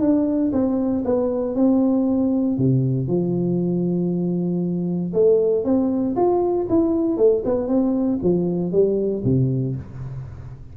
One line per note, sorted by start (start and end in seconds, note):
0.00 0.51 D4
0.52 1.03 C4
1.04 1.55 B3
1.55 2.57 C4
2.57 3.07 C3
3.07 5.12 F3
5.13 5.64 A3
5.64 6.15 C4
6.16 6.67 F4
6.69 7.17 E4
7.17 7.42 A3
7.44 7.67 B3
7.67 8.19 C4
8.22 8.72 F3
8.72 9.23 G3
9.24 9.75 C3